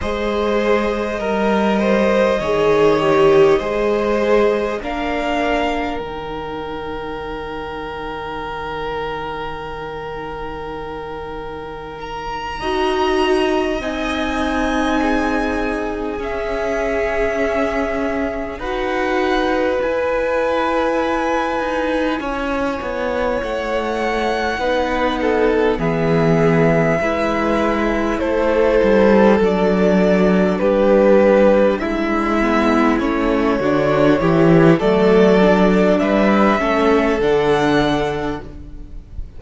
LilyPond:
<<
  \new Staff \with { instrumentName = "violin" } { \time 4/4 \tempo 4 = 50 dis''1 | f''4 g''2.~ | g''2 ais''4. gis''8~ | gis''4. e''2 fis''8~ |
fis''8 gis''2. fis''8~ | fis''4. e''2 c''8~ | c''8 d''4 b'4 e''4 cis''8~ | cis''4 d''4 e''4 fis''4 | }
  \new Staff \with { instrumentName = "violin" } { \time 4/4 c''4 ais'8 c''8 cis''4 c''4 | ais'1~ | ais'2~ ais'8 dis''4.~ | dis''8 gis'2. b'8~ |
b'2~ b'8 cis''4.~ | cis''8 b'8 a'8 gis'4 b'4 a'8~ | a'4. g'4 e'4. | fis'8 g'8 a'4 b'8 a'4. | }
  \new Staff \with { instrumentName = "viola" } { \time 4/4 gis'4 ais'4 gis'8 g'8 gis'4 | d'4 dis'2.~ | dis'2~ dis'8 fis'4 dis'8~ | dis'4. cis'2 fis'8~ |
fis'8 e'2.~ e'8~ | e'8 dis'4 b4 e'4.~ | e'8 d'2~ d'8 b8 cis'8 | d'8 e'8 a8 d'4 cis'8 d'4 | }
  \new Staff \with { instrumentName = "cello" } { \time 4/4 gis4 g4 dis4 gis4 | ais4 dis2.~ | dis2~ dis8 dis'4 c'8~ | c'4. cis'2 dis'8~ |
dis'8 e'4. dis'8 cis'8 b8 a8~ | a8 b4 e4 gis4 a8 | g8 fis4 g4 gis4 a8 | d8 e8 fis4 g8 a8 d4 | }
>>